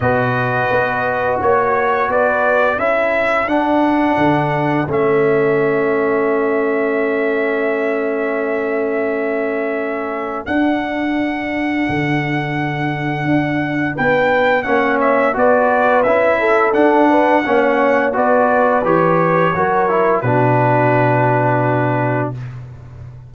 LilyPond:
<<
  \new Staff \with { instrumentName = "trumpet" } { \time 4/4 \tempo 4 = 86 dis''2 cis''4 d''4 | e''4 fis''2 e''4~ | e''1~ | e''2. fis''4~ |
fis''1 | g''4 fis''8 e''8 d''4 e''4 | fis''2 d''4 cis''4~ | cis''4 b'2. | }
  \new Staff \with { instrumentName = "horn" } { \time 4/4 b'2 cis''4 b'4 | a'1~ | a'1~ | a'1~ |
a'1 | b'4 cis''4 b'4. a'8~ | a'8 b'8 cis''4 b'2 | ais'4 fis'2. | }
  \new Staff \with { instrumentName = "trombone" } { \time 4/4 fis'1 | e'4 d'2 cis'4~ | cis'1~ | cis'2. d'4~ |
d'1~ | d'4 cis'4 fis'4 e'4 | d'4 cis'4 fis'4 g'4 | fis'8 e'8 d'2. | }
  \new Staff \with { instrumentName = "tuba" } { \time 4/4 b,4 b4 ais4 b4 | cis'4 d'4 d4 a4~ | a1~ | a2. d'4~ |
d'4 d2 d'4 | b4 ais4 b4 cis'4 | d'4 ais4 b4 e4 | fis4 b,2. | }
>>